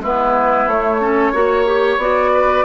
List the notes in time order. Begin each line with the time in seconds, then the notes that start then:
0.00 G#3 B3 E4 B4
0.67 A3 C#5
1.01 C#4 A4
1.32 A#3 F#4 C#5
1.66 G4
1.97 B3 F#4 D5
2.34 B4